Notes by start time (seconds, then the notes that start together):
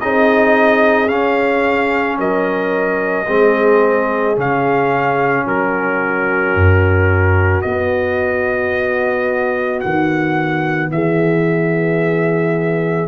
0.00 C4 D#4 G#4 D#5
1.07 C#4 F5
2.18 F#3 A#4 D#5
3.27 G#3 C4 G#4
4.36 C#3 C#4 F5
5.45 F#3 F#4 A#4
6.55 F#2
7.62 B3 D#5
9.80 D#3 F#5
10.89 E3 G#4 E5